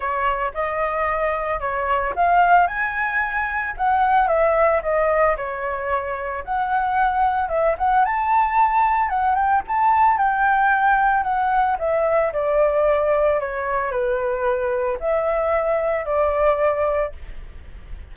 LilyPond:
\new Staff \with { instrumentName = "flute" } { \time 4/4 \tempo 4 = 112 cis''4 dis''2 cis''4 | f''4 gis''2 fis''4 | e''4 dis''4 cis''2 | fis''2 e''8 fis''8 a''4~ |
a''4 fis''8 g''8 a''4 g''4~ | g''4 fis''4 e''4 d''4~ | d''4 cis''4 b'2 | e''2 d''2 | }